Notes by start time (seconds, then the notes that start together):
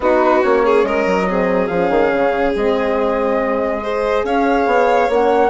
0.00 B3 D#4 F#4 B4
0.42 A#3 C#4 C#5
0.65 G#4
0.83 G#3 A#4 D#5
1.06 F#3
1.28 C4 G#4
1.67 F3 C#4 F5
1.90 D#3
2.12 C#3
2.55 G#3 C4 D#5
3.82 G#4 C5
4.23 C#4 C#5 F5
4.66 B3
5.08 A#3 C#4 F#5